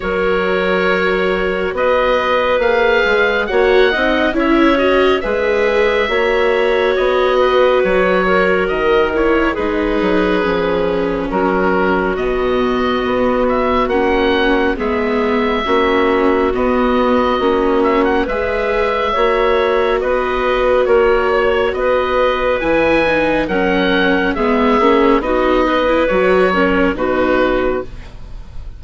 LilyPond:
<<
  \new Staff \with { instrumentName = "oboe" } { \time 4/4 \tempo 4 = 69 cis''2 dis''4 f''4 | fis''4 e''8 dis''8 e''2 | dis''4 cis''4 dis''8 cis''8 b'4~ | b'4 ais'4 dis''4. e''8 |
fis''4 e''2 dis''4~ | dis''8 e''16 fis''16 e''2 dis''4 | cis''4 dis''4 gis''4 fis''4 | e''4 dis''4 cis''4 b'4 | }
  \new Staff \with { instrumentName = "clarinet" } { \time 4/4 ais'2 b'2 | cis''8 dis''8 cis''4 b'4 cis''4~ | cis''8 b'4 ais'4. gis'4~ | gis'4 fis'2.~ |
fis'4 gis'4 fis'2~ | fis'4 b'4 cis''4 b'4 | ais'8 cis''8 b'2 ais'4 | gis'4 fis'8 b'4 ais'8 fis'4 | }
  \new Staff \with { instrumentName = "viola" } { \time 4/4 fis'2. gis'4 | fis'8 dis'8 e'8 fis'8 gis'4 fis'4~ | fis'2~ fis'8 e'8 dis'4 | cis'2 b2 |
cis'4 b4 cis'4 b4 | cis'4 gis'4 fis'2~ | fis'2 e'8 dis'8 cis'4 | b8 cis'8 dis'8. e'16 fis'8 cis'8 dis'4 | }
  \new Staff \with { instrumentName = "bassoon" } { \time 4/4 fis2 b4 ais8 gis8 | ais8 c'8 cis'4 gis4 ais4 | b4 fis4 dis4 gis8 fis8 | f4 fis4 b,4 b4 |
ais4 gis4 ais4 b4 | ais4 gis4 ais4 b4 | ais4 b4 e4 fis4 | gis8 ais8 b4 fis4 b,4 | }
>>